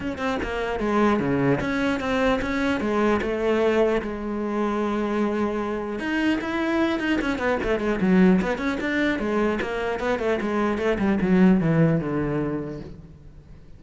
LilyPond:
\new Staff \with { instrumentName = "cello" } { \time 4/4 \tempo 4 = 150 cis'8 c'8 ais4 gis4 cis4 | cis'4 c'4 cis'4 gis4 | a2 gis2~ | gis2. dis'4 |
e'4. dis'8 cis'8 b8 a8 gis8 | fis4 b8 cis'8 d'4 gis4 | ais4 b8 a8 gis4 a8 g8 | fis4 e4 d2 | }